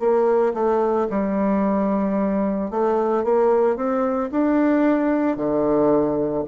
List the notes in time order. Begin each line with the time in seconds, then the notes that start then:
0.00 A#3
0.55 A3
1.10 G3
2.71 A3
3.24 A#3
3.77 C4
4.31 D4
5.37 D3